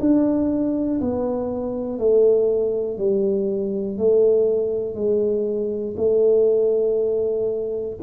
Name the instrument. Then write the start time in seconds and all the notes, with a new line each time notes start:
tuba
0.00 D4
1.01 B3
1.99 A3
2.98 G3
3.98 A3
4.95 G#3
5.97 A3